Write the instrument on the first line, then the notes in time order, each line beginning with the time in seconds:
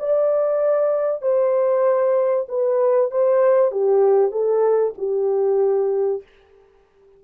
horn
0.00 D5
1.22 C5
2.49 B4
3.11 C5
3.72 G4
4.32 A4
4.98 G4